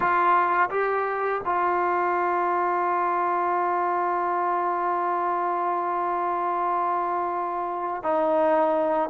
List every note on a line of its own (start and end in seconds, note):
0.00 0.69 F4
0.69 1.41 G4
1.45 8.03 F4
8.03 9.09 D#4